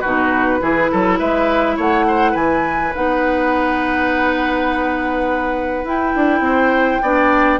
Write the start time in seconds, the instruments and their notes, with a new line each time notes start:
0.00 bassoon B2, clarinet D#4, oboe F#4, flute B4
0.60 bassoon E3, clarinet E4, oboe G#4
0.91 bassoon F#3, oboe A4
1.19 bassoon G#3, oboe B4, flute E5
1.76 bassoon A3, oboe C#5, flute F#5
2.07 oboe C5
2.31 bassoon E3, oboe B4, flute G#5
2.95 bassoon B3, clarinet D#4, flute F#5
5.84 bassoon E4, clarinet E4, flute G5
6.15 bassoon D4
6.40 bassoon C4, oboe C5
7.02 bassoon B3, clarinet D4, oboe D5